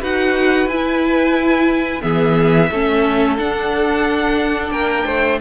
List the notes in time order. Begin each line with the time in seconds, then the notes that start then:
0.00 D#4 F#4 B4 F#5
0.66 E4 G#5
2.01 E3 B3 G#4 E5
2.71 A3 C#4 A4
3.38 D4 F#5
4.71 A#3 A#4 G5
5.06 A3 C5